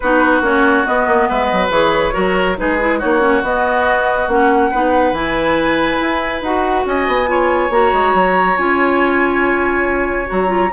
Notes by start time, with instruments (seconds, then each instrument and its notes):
0.00 bassoon B3, clarinet D#4, oboe F#4, flute B4
0.41 bassoon A#3, clarinet C#4, flute C#5
0.85 clarinet B3, bassoon B3, flute D#5
1.06 bassoon A#3
1.29 bassoon G#3, oboe B4, flute E5
1.45 flute D#5
1.52 bassoon F#3
1.69 bassoon E3, clarinet G#4, flute C#5
2.12 bassoon F#3, clarinet F#4, oboe A#4
2.56 bassoon G#3, clarinet D#4, oboe G#4, flute B4
2.80 clarinet E4
2.98 bassoon A#3, clarinet D#4, oboe F#4, flute C#5
3.20 clarinet C#4
3.42 bassoon B3, clarinet B3, flute D#5
4.27 bassoon A#3, clarinet C#4, flute F#5
4.70 bassoon B3, clarinet D#4, oboe B4
5.12 bassoon E3, clarinet E4, flute G#5
6.01 bassoon E4
6.41 bassoon D#4, clarinet F#4, flute F#5
6.85 bassoon C#4, oboe D#5, flute G#5
7.07 bassoon B3
7.26 clarinet F4, oboe C#5
7.70 bassoon A#3, clarinet F#4, flute A#5
7.93 bassoon G#3
8.13 bassoon F#3
8.56 bassoon C#4, clarinet F4, flute G#5
10.26 bassoon F#3, clarinet F#4, flute A#5
10.47 clarinet F4